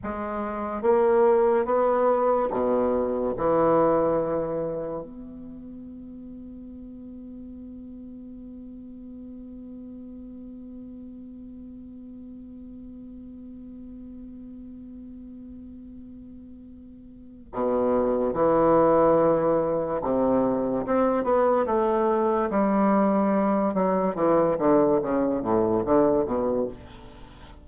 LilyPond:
\new Staff \with { instrumentName = "bassoon" } { \time 4/4 \tempo 4 = 72 gis4 ais4 b4 b,4 | e2 b2~ | b1~ | b1~ |
b1~ | b4 b,4 e2 | c4 c'8 b8 a4 g4~ | g8 fis8 e8 d8 cis8 a,8 d8 b,8 | }